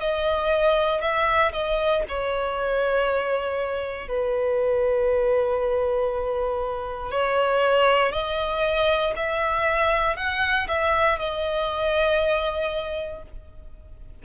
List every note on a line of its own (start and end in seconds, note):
0.00 1.01 D#5
1.01 1.52 E5
1.53 2.03 D#5
2.08 4.08 C#5
4.08 7.11 B4
7.11 8.12 C#5
8.12 9.13 D#5
9.16 10.16 E5
10.16 10.67 F#5
10.68 11.19 E5
11.19 13.22 D#5